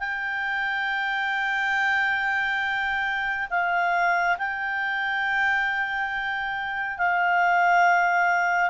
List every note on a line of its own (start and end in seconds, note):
0.00 3.48 G5
3.50 4.37 F5
4.38 6.98 G5
6.98 8.70 F5